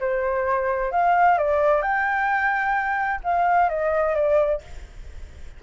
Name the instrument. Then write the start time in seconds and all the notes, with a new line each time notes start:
flute
0.00 C5
0.92 F5
1.38 D5
1.82 G5
3.24 F5
3.69 D#5
4.15 D5